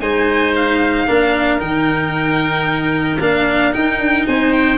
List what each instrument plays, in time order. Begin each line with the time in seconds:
0.00 tuba G#3, cello D#4, oboe C5, violin G#5
0.55 violin F5
1.07 tuba A#3, cello D4, oboe A#4
1.59 tuba D#3, cello D#4, violin G5
3.20 tuba A#3, cello D4, violin F5
3.72 cello D#4, tuba D#4, violin G5
3.98 tuba D4
4.27 tuba C4, oboe C5, violin G#5
4.52 violin G5